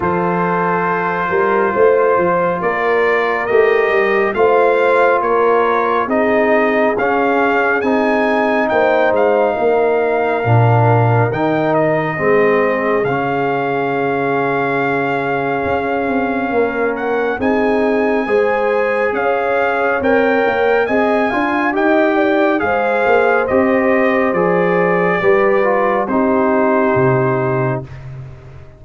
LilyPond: <<
  \new Staff \with { instrumentName = "trumpet" } { \time 4/4 \tempo 4 = 69 c''2. d''4 | dis''4 f''4 cis''4 dis''4 | f''4 gis''4 g''8 f''4.~ | f''4 g''8 dis''4. f''4~ |
f''2.~ f''8 fis''8 | gis''2 f''4 g''4 | gis''4 g''4 f''4 dis''4 | d''2 c''2 | }
  \new Staff \with { instrumentName = "horn" } { \time 4/4 a'4. ais'8 c''4 ais'4~ | ais'4 c''4 ais'4 gis'4~ | gis'2 c''4 ais'4~ | ais'2 gis'2~ |
gis'2. ais'4 | gis'4 c''4 cis''2 | dis''8 f''8 dis''8 d''8 c''2~ | c''4 b'4 g'2 | }
  \new Staff \with { instrumentName = "trombone" } { \time 4/4 f'1 | g'4 f'2 dis'4 | cis'4 dis'2. | d'4 dis'4 c'4 cis'4~ |
cis'1 | dis'4 gis'2 ais'4 | gis'8 f'8 g'4 gis'4 g'4 | gis'4 g'8 f'8 dis'2 | }
  \new Staff \with { instrumentName = "tuba" } { \time 4/4 f4. g8 a8 f8 ais4 | a8 g8 a4 ais4 c'4 | cis'4 c'4 ais8 gis8 ais4 | ais,4 dis4 gis4 cis4~ |
cis2 cis'8 c'8 ais4 | c'4 gis4 cis'4 c'8 ais8 | c'8 d'8 dis'4 gis8 ais8 c'4 | f4 g4 c'4 c4 | }
>>